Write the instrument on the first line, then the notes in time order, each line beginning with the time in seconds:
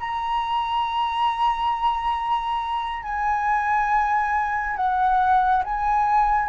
flute
0.00 A#5
3.03 G#5
4.77 F#5
5.64 G#5